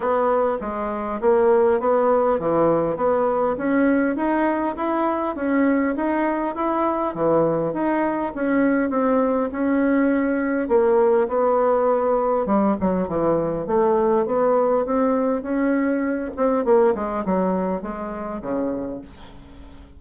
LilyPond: \new Staff \with { instrumentName = "bassoon" } { \time 4/4 \tempo 4 = 101 b4 gis4 ais4 b4 | e4 b4 cis'4 dis'4 | e'4 cis'4 dis'4 e'4 | e4 dis'4 cis'4 c'4 |
cis'2 ais4 b4~ | b4 g8 fis8 e4 a4 | b4 c'4 cis'4. c'8 | ais8 gis8 fis4 gis4 cis4 | }